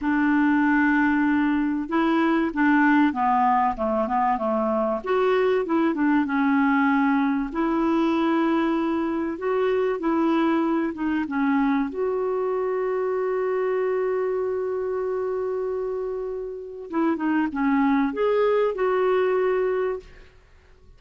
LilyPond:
\new Staff \with { instrumentName = "clarinet" } { \time 4/4 \tempo 4 = 96 d'2. e'4 | d'4 b4 a8 b8 a4 | fis'4 e'8 d'8 cis'2 | e'2. fis'4 |
e'4. dis'8 cis'4 fis'4~ | fis'1~ | fis'2. e'8 dis'8 | cis'4 gis'4 fis'2 | }